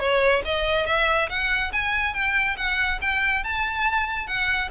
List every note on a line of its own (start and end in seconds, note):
0.00 0.43 C#5
0.45 0.87 D#5
0.87 1.29 E5
1.30 1.72 F#5
1.73 2.14 G#5
2.14 2.57 G5
2.57 3.00 F#5
3.02 3.44 G5
3.44 4.27 A5
4.27 4.70 F#5